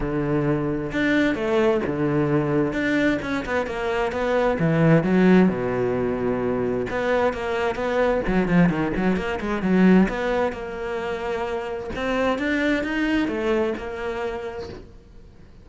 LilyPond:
\new Staff \with { instrumentName = "cello" } { \time 4/4 \tempo 4 = 131 d2 d'4 a4 | d2 d'4 cis'8 b8 | ais4 b4 e4 fis4 | b,2. b4 |
ais4 b4 fis8 f8 dis8 fis8 | ais8 gis8 fis4 b4 ais4~ | ais2 c'4 d'4 | dis'4 a4 ais2 | }